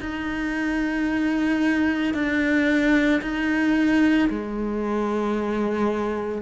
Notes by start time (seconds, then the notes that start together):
0.00 D#4
2.14 D4
3.21 D#4
4.30 G#3